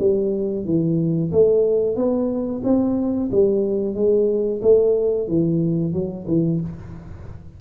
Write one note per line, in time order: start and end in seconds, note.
0.00 0.66 G3
0.66 1.32 E3
1.32 1.96 A3
1.96 2.62 B3
2.64 3.30 C4
3.31 3.95 G3
3.95 4.61 G#3
4.62 5.28 A3
5.28 5.93 E3
5.93 6.26 F#3
6.28 6.61 E3